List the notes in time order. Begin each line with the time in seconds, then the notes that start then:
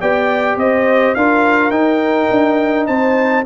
0.00 B3 G4 D5 G5
0.56 C4 C5 D#5
1.14 D4 F4 A#4 F5
1.70 D#4 G5
2.30 D4
2.86 C4 C5 A5